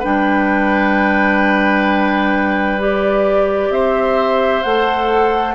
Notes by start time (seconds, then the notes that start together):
0.00 G3 D4 B4 G5
2.79 G4 D5
3.70 C4 C5 E5
4.63 A3 A4 F#5